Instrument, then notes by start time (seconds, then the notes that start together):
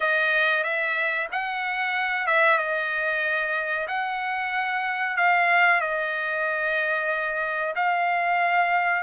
trumpet
0.00 D#5
0.63 E5
1.31 F#5
2.26 E5
2.58 D#5
3.87 F#5
5.16 F5
5.80 D#5
7.75 F5